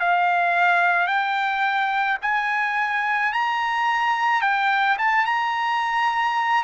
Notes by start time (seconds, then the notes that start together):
0.00 F5
1.07 G5
2.22 G#5
3.33 A#5
4.41 G5
4.98 A5
5.26 A#5